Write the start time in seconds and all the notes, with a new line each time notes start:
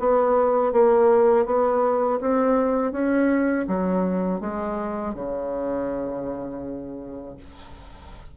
0.00 B3
0.73 A#3
1.46 B3
2.21 C4
2.92 C#4
3.68 F#3
4.41 G#3
5.15 C#3